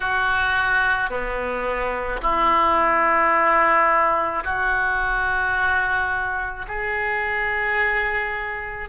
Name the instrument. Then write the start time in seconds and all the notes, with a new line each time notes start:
oboe
0.00 F#4
1.10 B3
2.21 E4
4.43 F#4
6.67 G#4